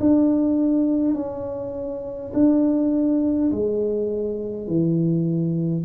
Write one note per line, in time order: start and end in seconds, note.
0.00 1.14 D4
1.14 2.32 C#4
2.33 3.51 D4
3.51 4.67 G#3
4.67 5.84 E3